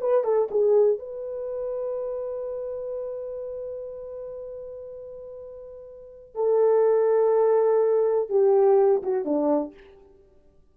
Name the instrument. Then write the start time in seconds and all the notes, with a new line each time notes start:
horn
0.00 B4
0.24 A4
0.50 G#4
0.98 B4
6.34 A4
8.29 G4
9.02 F#4
9.24 D4